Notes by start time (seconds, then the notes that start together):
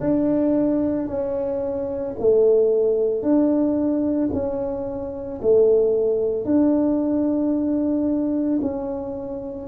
0.00 D4
1.07 C#4
2.19 A3
3.22 D4
4.33 C#4
5.42 A3
6.45 D4
8.62 C#4